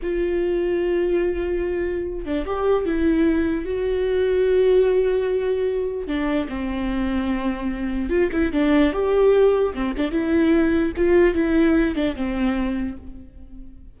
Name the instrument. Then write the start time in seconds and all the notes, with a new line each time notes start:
viola
0.02 F4
2.25 D4
2.45 G4
2.85 E4
3.65 F#4
6.07 D4
6.48 C4
8.09 F4
8.32 E4
8.52 D4
8.92 G4
9.74 C4
9.97 D4
10.11 E4
10.96 F4
11.34 E4
11.95 D4
12.15 C4